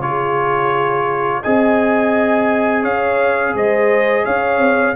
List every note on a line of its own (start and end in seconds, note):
0.00 1.41 C#3
0.00 1.44 F4
0.00 1.42 G#4
0.00 1.43 C#5
1.42 2.84 C4
1.42 4.96 G#4
1.42 2.83 D#5
1.42 2.85 G#5
2.83 3.54 C#4
2.83 3.53 C#5
2.83 3.55 F5
3.55 4.25 G#3
3.55 4.25 C5
3.55 4.26 D#5
4.25 4.59 C#4
4.25 4.96 C#5
4.25 4.96 F5
4.59 4.94 C4